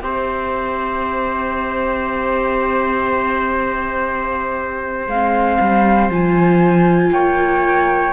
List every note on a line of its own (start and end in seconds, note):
0.00 5.07 C4
0.00 5.10 G4
0.00 7.13 C5
0.00 5.08 E5
5.07 5.58 G#3
5.07 6.11 C4
5.07 6.10 F5
5.60 6.09 G3
6.09 7.11 F3
6.09 8.13 F4
6.09 7.12 G#5
7.11 8.13 A#3
7.11 8.13 C#5
7.11 8.13 G5